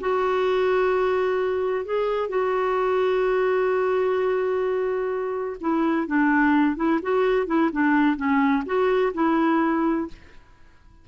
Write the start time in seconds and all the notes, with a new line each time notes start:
0.00 F#4
1.85 G#4
2.29 F#4
5.60 E4
6.07 D4
6.76 E4
7.02 F#4
7.46 E4
7.72 D4
8.16 C#4
8.65 F#4
9.14 E4